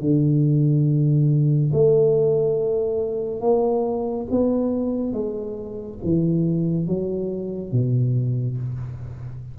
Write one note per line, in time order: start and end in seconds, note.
0.00 1.71 D3
1.73 3.41 A3
3.41 4.27 A#3
4.31 5.13 B3
5.13 5.99 G#3
6.04 6.87 E3
6.87 7.72 F#3
7.72 8.58 B2